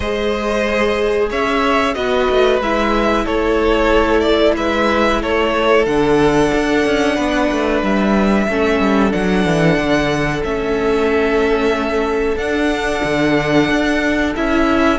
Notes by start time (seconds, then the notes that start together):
0.00 G#3 G#4 C5 D#5
1.30 C#4 C#5 E5
1.94 B3 F#4 B4 D#5
2.29 A3
2.60 G#3 E4 E5
3.24 A3 A4 C#5
4.20 D5
4.56 G#3 B4 E5
5.22 A3 A4 C#5
5.85 D3 D4 F#5
6.54 D4
6.85 C#4
7.15 B3 B4
7.51 A3
7.82 G3 E5
8.47 A3 C#4 A4
8.80 G3
9.10 F#3 D4 F#5
9.45 E3
9.77 D3
10.43 A3 C#4 E5
12.36 D4 F#5
13.04 D3
13.70 D4
14.35 C#4 E4 E5